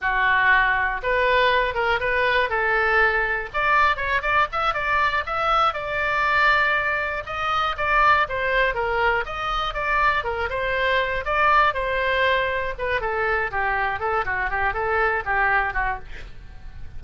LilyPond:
\new Staff \with { instrumentName = "oboe" } { \time 4/4 \tempo 4 = 120 fis'2 b'4. ais'8 | b'4 a'2 d''4 | cis''8 d''8 e''8 d''4 e''4 d''8~ | d''2~ d''8 dis''4 d''8~ |
d''8 c''4 ais'4 dis''4 d''8~ | d''8 ais'8 c''4. d''4 c''8~ | c''4. b'8 a'4 g'4 | a'8 fis'8 g'8 a'4 g'4 fis'8 | }